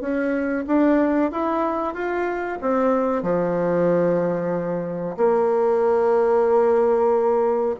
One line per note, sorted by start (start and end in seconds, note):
0.00 0.65 C#4
0.67 1.31 D4
1.31 1.94 E4
1.94 2.58 F4
2.61 3.22 C4
3.22 5.16 F3
5.17 7.75 A#3